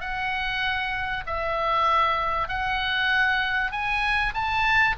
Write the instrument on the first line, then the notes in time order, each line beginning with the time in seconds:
oboe
0.00 F#5
1.26 E5
2.49 F#5
3.71 G#5
4.34 A5